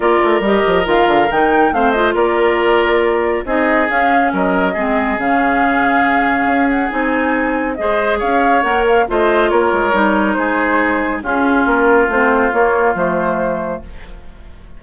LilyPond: <<
  \new Staff \with { instrumentName = "flute" } { \time 4/4 \tempo 4 = 139 d''4 dis''4 f''4 g''4 | f''8 dis''8 d''2. | dis''4 f''4 dis''2 | f''2.~ f''8 fis''8 |
gis''2 dis''4 f''4 | fis''8 f''8 dis''4 cis''2 | c''2 gis'4 ais'4 | c''4 cis''4 c''2 | }
  \new Staff \with { instrumentName = "oboe" } { \time 4/4 ais'1 | c''4 ais'2. | gis'2 ais'4 gis'4~ | gis'1~ |
gis'2 c''4 cis''4~ | cis''4 c''4 ais'2 | gis'2 f'2~ | f'1 | }
  \new Staff \with { instrumentName = "clarinet" } { \time 4/4 f'4 g'4 f'4 dis'4 | c'8 f'2.~ f'8 | dis'4 cis'2 c'4 | cis'1 |
dis'2 gis'2 | ais'4 f'2 dis'4~ | dis'2 cis'2 | c'4 ais4 a2 | }
  \new Staff \with { instrumentName = "bassoon" } { \time 4/4 ais8 a8 g8 f8 dis8 d8 dis4 | a4 ais2. | c'4 cis'4 fis4 gis4 | cis2. cis'4 |
c'2 gis4 cis'4 | ais4 a4 ais8 gis8 g4 | gis2 cis'4 ais4 | a4 ais4 f2 | }
>>